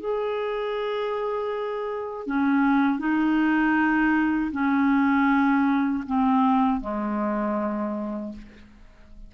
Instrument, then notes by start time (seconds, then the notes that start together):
clarinet
0.00 G#4
2.27 C#4
2.99 D#4
4.52 C#4
6.07 C4
6.81 G#3